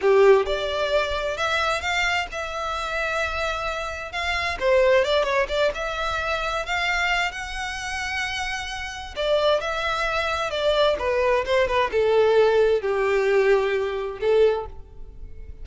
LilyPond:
\new Staff \with { instrumentName = "violin" } { \time 4/4 \tempo 4 = 131 g'4 d''2 e''4 | f''4 e''2.~ | e''4 f''4 c''4 d''8 cis''8 | d''8 e''2 f''4. |
fis''1 | d''4 e''2 d''4 | b'4 c''8 b'8 a'2 | g'2. a'4 | }